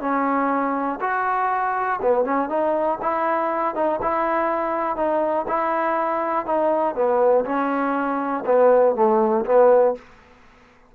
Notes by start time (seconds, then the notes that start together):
0.00 C#4
1.01 F#4
2.02 B3
2.25 C#4
2.49 D#4
3.02 E4
3.75 D#4
4.02 E4
4.96 D#4
5.48 E4
6.46 D#4
6.95 B3
7.45 C#4
8.46 B3
8.95 A3
9.46 B3